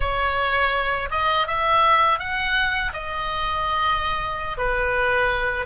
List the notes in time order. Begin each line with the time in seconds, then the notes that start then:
0.00 C#5
1.10 D#5
1.47 E5
2.19 F#5
2.93 D#5
4.57 B4